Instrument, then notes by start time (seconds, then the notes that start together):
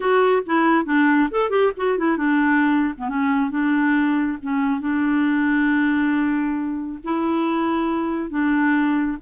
clarinet
0.00 F#4
0.45 E4
0.85 D4
1.30 A4
1.50 G4
1.76 F#4
1.98 E4
2.17 D4
2.97 B3
3.09 C#4
3.50 D4
4.42 C#4
4.80 D4
7.04 E4
8.30 D4